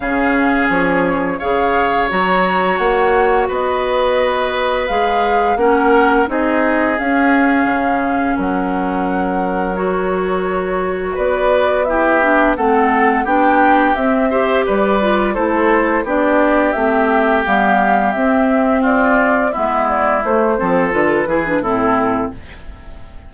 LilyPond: <<
  \new Staff \with { instrumentName = "flute" } { \time 4/4 \tempo 4 = 86 f''4 cis''4 f''4 ais''4 | fis''4 dis''2 f''4 | fis''4 dis''4 f''2 | fis''2 cis''2 |
d''4 e''4 fis''4 g''4 | e''4 d''4 c''4 d''4 | e''4 f''4 e''4 d''4 | e''8 d''8 c''4 b'4 a'4 | }
  \new Staff \with { instrumentName = "oboe" } { \time 4/4 gis'2 cis''2~ | cis''4 b'2. | ais'4 gis'2. | ais'1 |
b'4 g'4 a'4 g'4~ | g'8 c''8 b'4 a'4 g'4~ | g'2. f'4 | e'4. a'4 gis'8 e'4 | }
  \new Staff \with { instrumentName = "clarinet" } { \time 4/4 cis'2 gis'4 fis'4~ | fis'2. gis'4 | cis'4 dis'4 cis'2~ | cis'2 fis'2~ |
fis'4 e'8 d'8 c'4 d'4 | c'8 g'4 f'8 e'4 d'4 | c'4 b4 c'2 | b4 a8 c'8 f'8 e'16 d'16 c'4 | }
  \new Staff \with { instrumentName = "bassoon" } { \time 4/4 cis4 f4 cis4 fis4 | ais4 b2 gis4 | ais4 c'4 cis'4 cis4 | fis1 |
b2 a4 b4 | c'4 g4 a4 b4 | a4 g4 c'2 | gis4 a8 f8 d8 e8 a,4 | }
>>